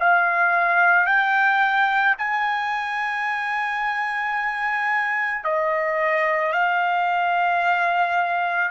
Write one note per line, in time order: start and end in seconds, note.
0.00 1.06 F5
1.06 2.15 G5
2.18 5.44 G#5
5.44 6.53 D#5
6.53 8.71 F5